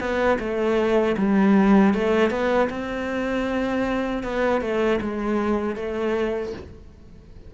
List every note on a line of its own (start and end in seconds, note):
0.00 0.38 B3
0.39 1.16 A3
1.17 1.94 G3
1.94 2.30 A3
2.30 2.69 B3
2.70 4.23 C4
4.23 4.61 B3
4.61 5.00 A3
5.01 5.76 G#3
5.76 6.52 A3